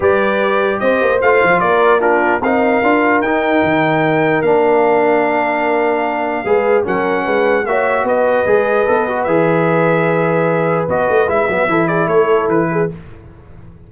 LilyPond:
<<
  \new Staff \with { instrumentName = "trumpet" } { \time 4/4 \tempo 4 = 149 d''2 dis''4 f''4 | d''4 ais'4 f''2 | g''2. f''4~ | f''1~ |
f''4 fis''2 e''4 | dis''2. e''4~ | e''2. dis''4 | e''4. d''8 cis''4 b'4 | }
  \new Staff \with { instrumentName = "horn" } { \time 4/4 b'2 c''2 | ais'4 f'4 ais'2~ | ais'1~ | ais'1 |
b'4 ais'4 b'4 cis''4 | b'1~ | b'1~ | b'4 a'8 gis'8 a'4. gis'8 | }
  \new Staff \with { instrumentName = "trombone" } { \time 4/4 g'2. f'4~ | f'4 d'4 dis'4 f'4 | dis'2. d'4~ | d'1 |
gis'4 cis'2 fis'4~ | fis'4 gis'4 a'8 fis'8 gis'4~ | gis'2. fis'4 | e'8 b8 e'2. | }
  \new Staff \with { instrumentName = "tuba" } { \time 4/4 g2 c'8 ais8 a8 f8 | ais2 c'4 d'4 | dis'4 dis2 ais4~ | ais1 |
gis4 fis4 gis4 ais4 | b4 gis4 b4 e4~ | e2. b8 a8 | gis8 fis8 e4 a4 e4 | }
>>